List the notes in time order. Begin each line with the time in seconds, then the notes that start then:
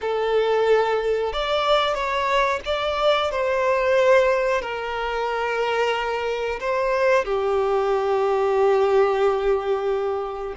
0.01 A4
1.32 D5
1.94 C#5
2.65 D5
3.31 C5
4.61 A#4
6.60 C5
7.24 G4